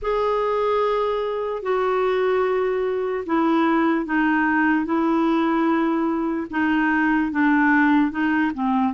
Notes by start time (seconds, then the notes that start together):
0.01 G#4
1.62 F#4
3.26 E4
4.05 D#4
4.85 E4
6.50 D#4
7.31 D4
8.11 D#4
8.54 C4